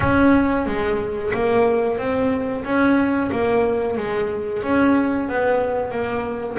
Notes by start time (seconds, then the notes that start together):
0.00 C#4
0.66 G#3
1.33 A#3
1.98 C4
2.64 C#4
3.31 A#3
3.97 G#3
4.62 C#4
5.29 B3
5.91 A#3